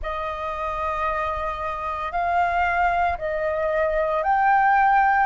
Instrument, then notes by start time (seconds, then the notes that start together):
flute
0.02 D#5
2.11 F5
3.18 D#5
4.23 G5